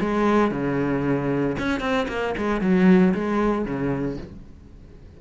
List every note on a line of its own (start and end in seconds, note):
0.00 0.51 G#3
0.51 1.56 C#3
1.58 1.80 C#4
1.80 2.06 C4
2.08 2.34 A#3
2.37 2.61 G#3
2.61 3.13 F#3
3.14 3.65 G#3
3.65 4.17 C#3